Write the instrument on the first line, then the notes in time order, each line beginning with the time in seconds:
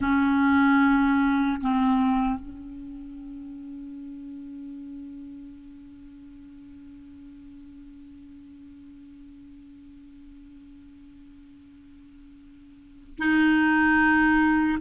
clarinet
0.00 C#4
1.61 C4
2.40 C#4
13.18 D#4